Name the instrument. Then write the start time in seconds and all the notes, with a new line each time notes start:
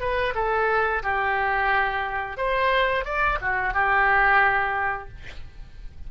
oboe
0.00 B4
0.35 A4
1.03 G4
2.37 C5
3.05 D5
3.41 F#4
3.74 G4